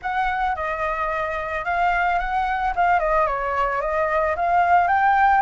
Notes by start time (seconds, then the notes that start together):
0.01 F#5
0.55 D#5
1.64 F5
2.19 F#5
2.75 F5
2.99 D#5
3.27 C#5
3.81 D#5
4.35 F5
4.87 G5